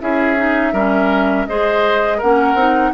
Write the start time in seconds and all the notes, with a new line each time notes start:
0.00 C#4 E4 G#4 E5
0.36 D#4
0.72 G3 C#4 A#4
1.47 G#3 G#4 C5 D#5
2.17 A#3 C#4 A#4 F#5
2.54 C4 D#4